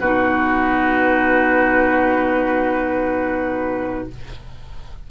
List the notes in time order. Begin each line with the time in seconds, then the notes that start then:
0.00 B2 D#4 F#4 B4